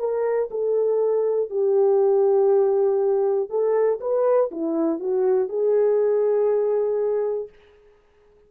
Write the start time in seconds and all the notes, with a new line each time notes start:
0.00 A#4
0.51 A4
1.51 G4
3.50 A4
4.01 B4
4.51 E4
5.00 F#4
5.50 G#4